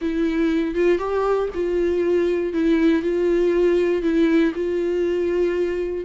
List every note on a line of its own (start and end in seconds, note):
0.01 0.74 E4
0.74 0.98 F4
0.98 1.48 G4
1.54 2.53 F4
2.53 3.02 E4
3.02 4.02 F4
4.02 4.52 E4
4.54 6.04 F4